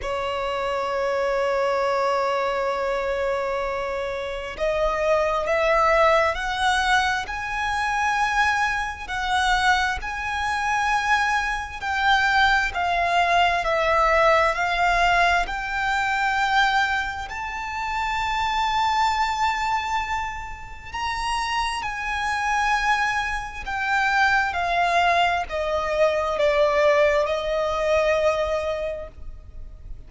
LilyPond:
\new Staff \with { instrumentName = "violin" } { \time 4/4 \tempo 4 = 66 cis''1~ | cis''4 dis''4 e''4 fis''4 | gis''2 fis''4 gis''4~ | gis''4 g''4 f''4 e''4 |
f''4 g''2 a''4~ | a''2. ais''4 | gis''2 g''4 f''4 | dis''4 d''4 dis''2 | }